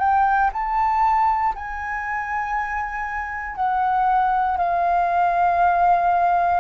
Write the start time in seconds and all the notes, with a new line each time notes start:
0.00 G5
0.53 A5
1.55 G#5
3.56 F#5
4.58 F5